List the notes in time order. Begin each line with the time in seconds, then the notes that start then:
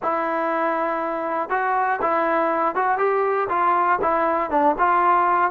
0.02 E4
1.49 F#4
2.01 E4
2.75 F#4
2.97 G4
3.49 F4
4.01 E4
4.50 D4
4.78 F4